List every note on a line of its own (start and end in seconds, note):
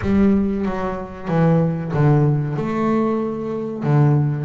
0.01 0.65 G3
0.65 1.28 F#3
1.28 1.91 E3
1.93 2.56 D3
2.56 3.83 A3
3.83 4.44 D3